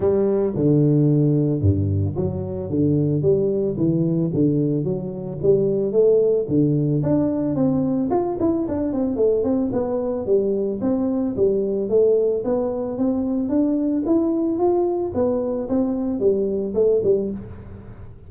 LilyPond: \new Staff \with { instrumentName = "tuba" } { \time 4/4 \tempo 4 = 111 g4 d2 g,4 | fis4 d4 g4 e4 | d4 fis4 g4 a4 | d4 d'4 c'4 f'8 e'8 |
d'8 c'8 a8 c'8 b4 g4 | c'4 g4 a4 b4 | c'4 d'4 e'4 f'4 | b4 c'4 g4 a8 g8 | }